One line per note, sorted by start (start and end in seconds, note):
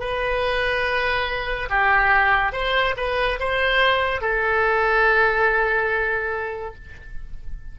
0.00 1.69 B4
1.70 2.53 G4
2.53 2.95 C5
2.97 3.39 B4
3.40 4.21 C5
4.21 6.75 A4